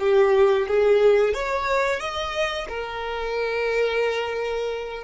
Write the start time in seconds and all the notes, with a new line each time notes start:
0.00 G4
0.68 G#4
1.34 C#5
2.00 D#5
2.69 A#4